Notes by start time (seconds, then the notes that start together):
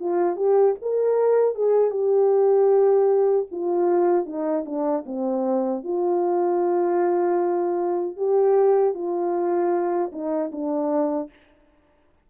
0.00 F4
0.36 G4
0.82 A#4
1.55 G#4
1.91 G4
3.52 F4
4.26 D#4
4.66 D4
5.06 C4
5.84 F4
8.17 G4
8.94 F4
10.12 D#4
10.52 D4